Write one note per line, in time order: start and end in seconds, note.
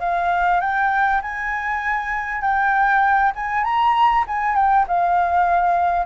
0.00 0.61 F5
0.61 1.21 G5
1.22 2.42 G#5
2.42 3.33 G5
3.35 3.64 G#5
3.64 4.25 A#5
4.27 4.56 G#5
4.56 4.86 G5
4.88 6.06 F5